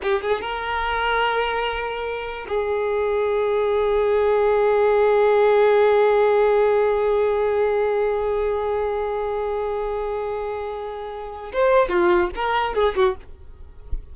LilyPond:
\new Staff \with { instrumentName = "violin" } { \time 4/4 \tempo 4 = 146 g'8 gis'8 ais'2.~ | ais'2 gis'2~ | gis'1~ | gis'1~ |
gis'1~ | gis'1~ | gis'1 | c''4 f'4 ais'4 gis'8 fis'8 | }